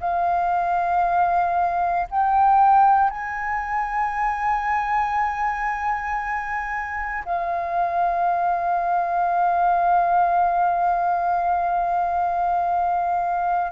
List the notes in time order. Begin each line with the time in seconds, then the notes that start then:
0.00 F5
2.10 G5
3.10 G#5
7.25 F5